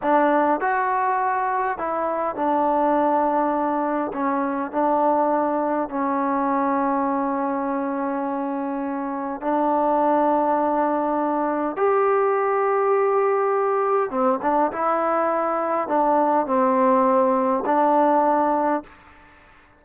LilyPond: \new Staff \with { instrumentName = "trombone" } { \time 4/4 \tempo 4 = 102 d'4 fis'2 e'4 | d'2. cis'4 | d'2 cis'2~ | cis'1 |
d'1 | g'1 | c'8 d'8 e'2 d'4 | c'2 d'2 | }